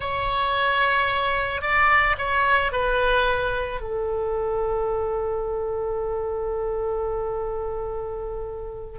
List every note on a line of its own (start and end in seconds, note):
0.00 1.61 C#5
1.61 2.16 D5
2.17 2.71 C#5
2.71 3.80 B4
3.80 8.99 A4